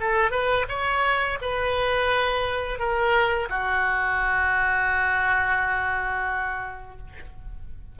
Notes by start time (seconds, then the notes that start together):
0.00 A4
0.31 B4
0.68 C#5
1.41 B4
2.79 A#4
3.49 F#4